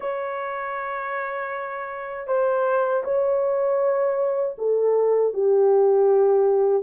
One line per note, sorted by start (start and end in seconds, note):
0.00 2.27 C#5
2.27 3.03 C5
3.03 4.55 C#5
4.58 5.33 A4
5.33 6.83 G4